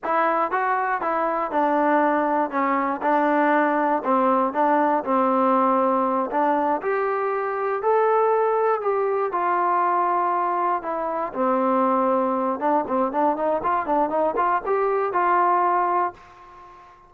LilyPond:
\new Staff \with { instrumentName = "trombone" } { \time 4/4 \tempo 4 = 119 e'4 fis'4 e'4 d'4~ | d'4 cis'4 d'2 | c'4 d'4 c'2~ | c'8 d'4 g'2 a'8~ |
a'4. g'4 f'4.~ | f'4. e'4 c'4.~ | c'4 d'8 c'8 d'8 dis'8 f'8 d'8 | dis'8 f'8 g'4 f'2 | }